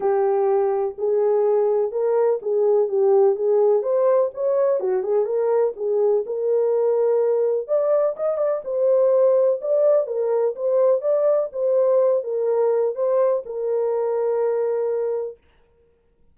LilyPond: \new Staff \with { instrumentName = "horn" } { \time 4/4 \tempo 4 = 125 g'2 gis'2 | ais'4 gis'4 g'4 gis'4 | c''4 cis''4 fis'8 gis'8 ais'4 | gis'4 ais'2. |
d''4 dis''8 d''8 c''2 | d''4 ais'4 c''4 d''4 | c''4. ais'4. c''4 | ais'1 | }